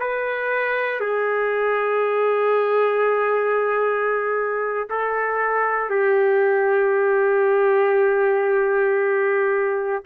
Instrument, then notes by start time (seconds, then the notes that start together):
trumpet
0.00 B4
1.01 G#4
4.90 A4
5.90 G4